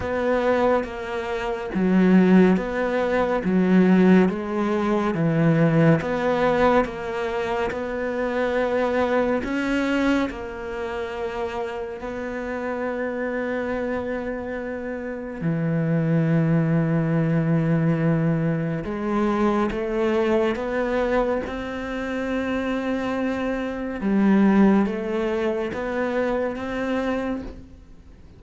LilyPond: \new Staff \with { instrumentName = "cello" } { \time 4/4 \tempo 4 = 70 b4 ais4 fis4 b4 | fis4 gis4 e4 b4 | ais4 b2 cis'4 | ais2 b2~ |
b2 e2~ | e2 gis4 a4 | b4 c'2. | g4 a4 b4 c'4 | }